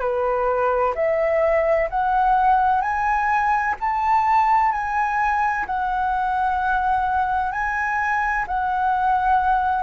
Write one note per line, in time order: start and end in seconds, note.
0.00 0.94 B4
0.95 1.89 E5
1.90 2.81 F#5
2.81 3.75 G#5
3.80 4.72 A5
4.72 5.65 G#5
5.66 7.52 F#5
7.52 8.45 G#5
8.47 9.83 F#5